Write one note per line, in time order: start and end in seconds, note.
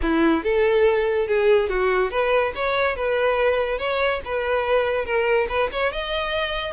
0.02 0.43 E4
0.43 1.27 A4
1.27 1.69 G#4
1.69 2.10 F#4
2.10 2.53 B4
2.55 2.96 C#5
2.96 3.78 B4
3.78 4.20 C#5
4.25 5.05 B4
5.05 5.47 A#4
5.49 5.70 B4
5.72 5.92 C#5
5.92 6.72 D#5